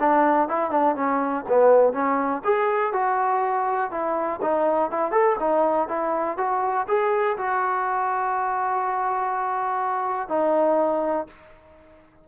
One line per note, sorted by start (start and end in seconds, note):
0.00 0.49 D4
0.49 0.71 E4
0.71 0.95 D4
0.96 1.45 C#4
1.49 1.93 B3
1.93 2.43 C#4
2.44 2.93 G#4
2.93 3.91 F#4
3.91 4.41 E4
4.42 4.91 D#4
4.91 5.12 E4
5.12 5.36 A4
5.40 5.88 D#4
5.88 6.38 E4
6.38 6.87 F#4
6.88 7.37 G#4
7.37 10.29 F#4
10.29 11.27 D#4